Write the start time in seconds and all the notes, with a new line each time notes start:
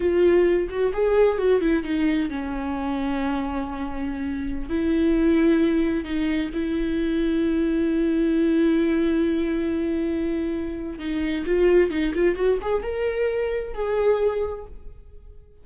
0.00 F4
0.69 F#4
0.93 G#4
1.37 F#4
1.61 E4
1.83 D#4
2.29 C#4
4.69 E4
6.04 D#4
6.53 E4
10.98 D#4
11.46 F4
11.90 D#4
12.14 F4
12.35 F#4
12.61 G#4
12.82 A#4
13.74 G#4